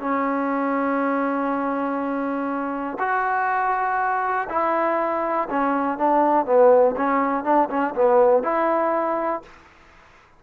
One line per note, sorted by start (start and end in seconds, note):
0.00 2.98 C#4
2.99 4.48 F#4
4.49 5.49 E4
5.50 5.98 C#4
5.98 6.46 D4
6.46 6.95 B3
6.96 7.44 C#4
7.44 7.69 D4
7.69 7.94 C#4
7.95 8.43 B3
8.43 9.43 E4